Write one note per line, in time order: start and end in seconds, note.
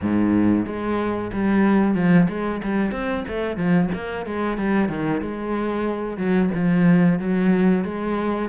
0.01 0.66 G#2
0.66 1.31 G#3
1.33 1.94 G3
1.94 2.27 F3
2.28 2.61 G#3
2.63 2.91 G3
2.91 3.24 C4
3.28 3.57 A3
3.57 3.89 F3
3.94 4.26 A#3
4.26 4.57 G#3
4.57 4.89 G3
4.89 5.21 D#3
5.21 6.17 G#3
6.17 6.50 F#3
6.54 7.19 F3
7.19 7.84 F#3
7.84 8.49 G#3